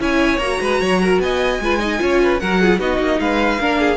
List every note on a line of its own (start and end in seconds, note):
0.00 0.38 C#4
0.00 0.40 E4
0.00 0.61 C#5
0.00 0.39 G#5
0.38 0.58 A#3
0.38 1.63 F#4
0.38 1.19 A#5
0.61 0.81 G#3
0.61 0.81 B4
0.81 1.19 F#3
0.81 1.01 C#5
1.03 1.23 A#4
1.19 1.59 B3
1.19 1.63 D#5
1.19 2.40 G#5
1.60 2.00 G#3
1.60 1.81 F4
1.60 1.80 B4
1.80 1.99 D#4
1.80 2.00 D#5
1.99 2.42 C#4
1.99 2.39 F4
1.99 2.23 C#5
2.23 2.42 B4
2.40 2.79 F#3
2.40 2.62 F#4
2.40 2.62 A#4
2.40 2.80 F#5
2.62 2.80 F4
2.62 2.80 G#4
2.79 2.99 B3
2.79 3.60 D#4
2.79 3.20 F#4
2.79 3.20 D#5
2.99 3.19 A#3
3.20 3.60 G#3
3.20 3.60 B4
3.20 3.97 F5
3.60 3.97 A#3
3.60 3.97 D4
3.60 3.80 A#4
3.81 3.97 G#4